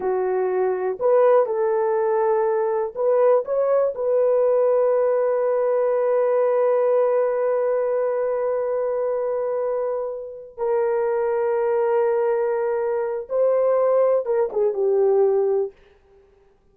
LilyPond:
\new Staff \with { instrumentName = "horn" } { \time 4/4 \tempo 4 = 122 fis'2 b'4 a'4~ | a'2 b'4 cis''4 | b'1~ | b'1~ |
b'1~ | b'4. ais'2~ ais'8~ | ais'2. c''4~ | c''4 ais'8 gis'8 g'2 | }